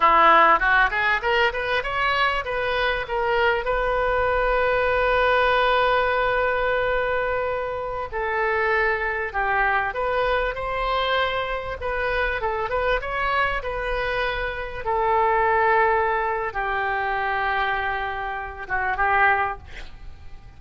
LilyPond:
\new Staff \with { instrumentName = "oboe" } { \time 4/4 \tempo 4 = 98 e'4 fis'8 gis'8 ais'8 b'8 cis''4 | b'4 ais'4 b'2~ | b'1~ | b'4~ b'16 a'2 g'8.~ |
g'16 b'4 c''2 b'8.~ | b'16 a'8 b'8 cis''4 b'4.~ b'16~ | b'16 a'2~ a'8. g'4~ | g'2~ g'8 fis'8 g'4 | }